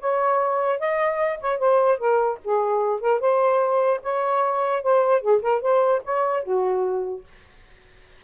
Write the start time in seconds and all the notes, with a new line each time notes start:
0.00 C#5
0.80 D#5
1.40 C#5
1.59 C5
1.98 A#4
2.44 G#4
3.01 A#4
3.20 C5
4.03 C#5
4.83 C5
5.21 G#4
5.42 A#4
5.62 C5
6.05 C#5
6.43 F#4